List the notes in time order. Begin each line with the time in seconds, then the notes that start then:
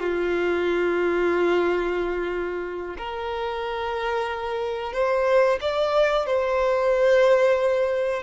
0.00 F4
2.98 A#4
4.93 C5
5.61 D5
6.27 C5